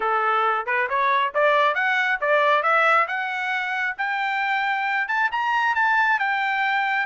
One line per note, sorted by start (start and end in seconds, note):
0.00 0.65 A4
0.65 0.87 B4
0.89 1.33 C#5
1.34 1.74 D5
1.74 2.19 F#5
2.20 2.62 D5
2.62 3.06 E5
3.07 3.96 F#5
3.97 5.07 G5
5.07 5.29 A5
5.31 5.75 A#5
5.75 6.19 A5
6.19 7.06 G5